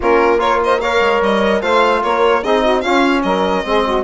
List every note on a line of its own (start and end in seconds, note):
0.00 1.00 A#3
0.00 0.38 C#4
0.00 0.39 F4
0.00 0.40 A#4
0.38 0.78 F4
0.38 0.60 A#4
0.38 0.60 C#5
0.64 0.80 C5
0.64 0.80 D#5
0.80 1.61 A#4
0.80 1.61 C#5
0.80 1.21 F5
1.00 1.20 G#3
1.21 1.61 G3
1.21 1.61 D#5
1.61 2.02 A3
1.61 2.42 F4
1.61 2.02 C5
1.61 2.02 F5
2.03 2.43 A#3
2.03 2.42 A#4
2.03 2.43 C#5
2.42 2.84 C4
2.42 2.83 D#4
2.42 2.62 G#4
2.42 2.81 D#5
2.62 2.81 F#4
2.81 3.64 C#4
2.81 3.23 C#4
2.81 3.22 F4
2.81 3.21 F5
3.22 3.64 F#3
3.22 3.65 A#4
3.22 4.04 D#5
3.64 4.04 G#3
3.64 4.04 C4
3.64 3.85 G#4
3.85 4.04 F#4